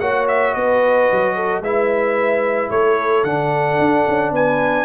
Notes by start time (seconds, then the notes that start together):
0.00 A#3 F#4 C#5 F#5
0.28 E5
0.54 B3 B4 D#5
1.11 F#3
1.36 A4
1.61 G#3 E4 B4 E5
2.70 A3 A4 C#5
3.24 D3 D4 F#5
3.79 D4
4.08 C#4
4.31 B3 B4 G#5